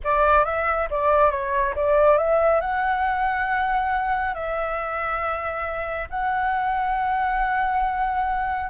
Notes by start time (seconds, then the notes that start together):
0.04 D5
0.45 E5
0.90 D5
1.30 C#5
1.75 D5
2.17 E5
2.60 F#5
4.34 E5
6.10 F#5